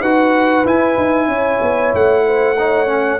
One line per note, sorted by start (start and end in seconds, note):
0.00 0.64 D#4
0.00 0.65 F#4
0.00 1.28 B4
0.00 0.65 F#5
0.65 0.97 E4
0.65 2.57 E4
0.65 1.94 G#5
0.97 1.27 D#4
1.27 1.59 C#4
1.27 2.24 C#5
1.61 1.93 B3
1.94 3.20 A3
1.94 3.20 F#5
2.25 2.57 C5
2.58 2.86 D#4
2.58 3.20 C#5
2.86 3.18 C#4